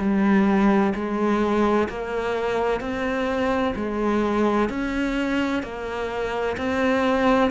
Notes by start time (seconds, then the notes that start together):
0.00 G3
0.95 G#3
1.89 A#3
2.81 C4
3.76 G#3
4.70 C#4
5.63 A#3
6.58 C4